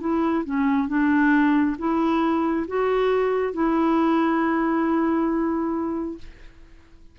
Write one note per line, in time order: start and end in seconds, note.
0.00 0.44 E4
0.45 0.88 C#4
0.88 1.76 D4
1.78 2.67 E4
2.68 3.53 F#4
3.53 6.18 E4